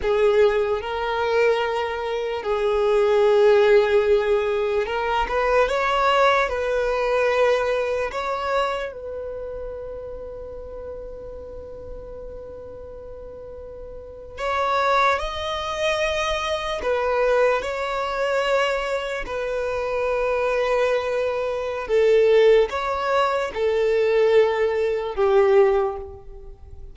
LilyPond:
\new Staff \with { instrumentName = "violin" } { \time 4/4 \tempo 4 = 74 gis'4 ais'2 gis'4~ | gis'2 ais'8 b'8 cis''4 | b'2 cis''4 b'4~ | b'1~ |
b'4.~ b'16 cis''4 dis''4~ dis''16~ | dis''8. b'4 cis''2 b'16~ | b'2. a'4 | cis''4 a'2 g'4 | }